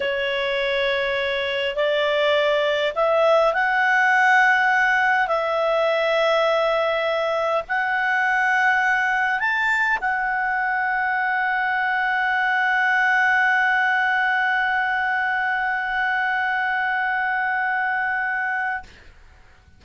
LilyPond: \new Staff \with { instrumentName = "clarinet" } { \time 4/4 \tempo 4 = 102 cis''2. d''4~ | d''4 e''4 fis''2~ | fis''4 e''2.~ | e''4 fis''2. |
a''4 fis''2.~ | fis''1~ | fis''1~ | fis''1 | }